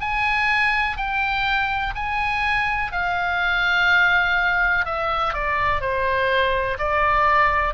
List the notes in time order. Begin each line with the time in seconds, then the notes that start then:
0.00 G#5
0.97 G5
1.95 G#5
2.92 F5
4.85 E5
5.33 D5
5.81 C5
6.78 D5